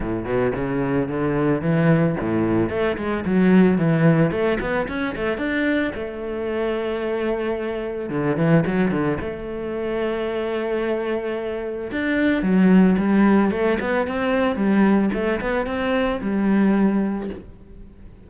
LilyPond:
\new Staff \with { instrumentName = "cello" } { \time 4/4 \tempo 4 = 111 a,8 b,8 cis4 d4 e4 | a,4 a8 gis8 fis4 e4 | a8 b8 cis'8 a8 d'4 a4~ | a2. d8 e8 |
fis8 d8 a2.~ | a2 d'4 fis4 | g4 a8 b8 c'4 g4 | a8 b8 c'4 g2 | }